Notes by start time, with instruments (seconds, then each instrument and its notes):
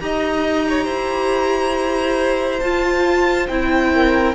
0.00 cello D#4, viola G4, violin D#5 A#5
0.69 violin C#5
0.84 cello E4, violin C5
2.60 cello F4, viola F4, violin A5
3.47 cello C4, viola E4, violin G5
3.93 violin A#4